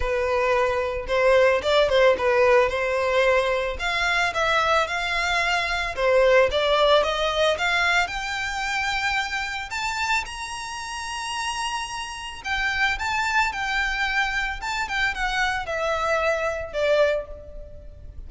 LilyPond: \new Staff \with { instrumentName = "violin" } { \time 4/4 \tempo 4 = 111 b'2 c''4 d''8 c''8 | b'4 c''2 f''4 | e''4 f''2 c''4 | d''4 dis''4 f''4 g''4~ |
g''2 a''4 ais''4~ | ais''2. g''4 | a''4 g''2 a''8 g''8 | fis''4 e''2 d''4 | }